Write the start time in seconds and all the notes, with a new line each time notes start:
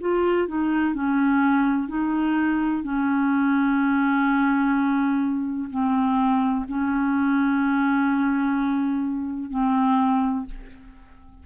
0.00 F4
0.48 D#4
0.94 C#4
1.88 D#4
2.83 C#4
5.70 C4
6.68 C#4
9.50 C4